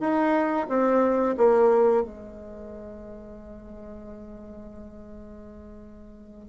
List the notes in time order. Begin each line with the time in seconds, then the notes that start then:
0.00 D#4
0.68 C4
1.37 A#3
2.02 G#3